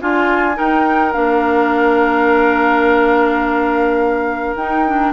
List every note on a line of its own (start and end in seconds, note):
0.00 0.58 D4
0.00 0.54 F4
0.00 0.56 F4
0.00 0.59 G#5
0.54 1.11 D#4
0.54 1.15 D#4
0.54 5.13 A#4
0.54 1.12 G5
1.12 4.55 A#3
1.12 4.56 D4
1.12 4.55 F5
4.55 5.12 D#4
4.55 4.87 D#4
4.55 5.13 G5
4.87 5.13 D4